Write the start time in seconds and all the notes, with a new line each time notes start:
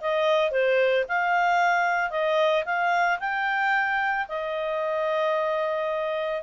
0.00 D#5
0.51 C5
1.08 F5
2.10 D#5
2.65 F5
3.19 G5
4.28 D#5